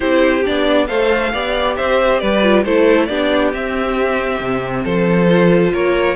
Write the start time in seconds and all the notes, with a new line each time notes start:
0.00 C4 E4 G4 C5
0.44 B3 D4 D5
0.87 A3 A4 C5 F5
1.33 B3 G4 D5
1.76 C4 C5 E5
2.19 G3 B4 D5
2.42 F4
2.64 A3 E4 A4 C5
3.06 B3 D4 G4 D5
3.53 C4 E5
4.40 C3
4.83 F3 A4 C5
5.29 F4
5.73 A#3 A#4 C#5